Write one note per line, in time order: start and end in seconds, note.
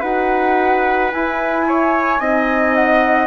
0.00 1.12 D#4
0.00 1.12 F#4
0.00 1.64 B4
0.00 1.11 F#5
1.12 2.19 E4
1.12 2.20 E4
1.12 2.75 G#5
1.68 2.20 C#5
2.19 3.27 C4
2.19 3.27 D#4
2.19 3.27 D#5
2.75 3.27 F#5